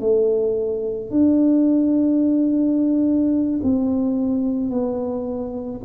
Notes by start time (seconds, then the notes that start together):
0.00 A3
1.11 D4
3.63 C4
4.70 B3